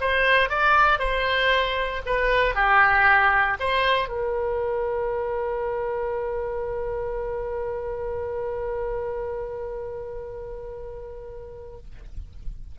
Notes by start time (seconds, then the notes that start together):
0.00 C5
0.49 D5
0.99 C5
2.06 B4
2.55 G4
3.59 C5
4.08 A#4